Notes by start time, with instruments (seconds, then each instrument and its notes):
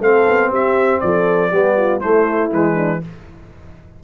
0.00 tuba A3, trombone C4, horn A4, trumpet F5
0.27 tuba B3
0.50 tuba C4, horn G4, trumpet E5
1.00 tuba F3, horn A4, trumpet D5
1.51 tuba G3, trombone B3, horn G4
1.76 horn F4
2.00 trombone A3, tuba A3, horn E4, trumpet C5
2.51 tuba E3, trombone G#3, trumpet B4
2.75 horn D4